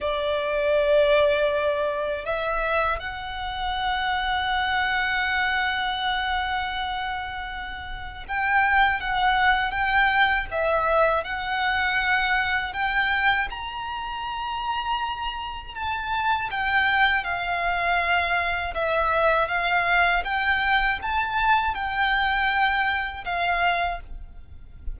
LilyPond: \new Staff \with { instrumentName = "violin" } { \time 4/4 \tempo 4 = 80 d''2. e''4 | fis''1~ | fis''2. g''4 | fis''4 g''4 e''4 fis''4~ |
fis''4 g''4 ais''2~ | ais''4 a''4 g''4 f''4~ | f''4 e''4 f''4 g''4 | a''4 g''2 f''4 | }